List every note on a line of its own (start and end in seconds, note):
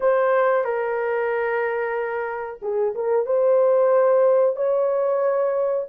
0.00 0.64 C5
0.64 2.59 A#4
2.61 2.94 G#4
2.94 3.25 A#4
3.25 4.56 C5
4.56 5.86 C#5